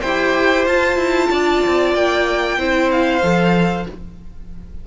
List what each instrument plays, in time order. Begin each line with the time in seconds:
0.00 cello E4, viola G4, violin C5 G5
0.66 cello F4, viola F4, violin A5
0.96 cello E4
1.30 cello D4, violin D5
1.66 cello C4
1.94 cello A#3, violin G5
2.57 cello C4, viola E4, violin C5
2.91 violin F5
3.22 cello F3, viola A4